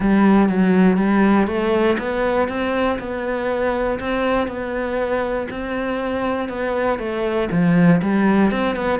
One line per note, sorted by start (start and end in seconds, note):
0.00 0.48 G3
0.48 0.97 F#3
0.97 1.47 G3
1.47 1.97 A3
1.98 2.48 B3
2.48 2.98 C4
2.99 3.99 B3
3.99 4.47 C4
4.47 5.47 B3
5.50 6.48 C4
6.48 6.98 B3
6.98 7.48 A3
7.51 8.01 F3
8.02 8.51 G3
8.51 8.75 C4
8.75 8.99 B3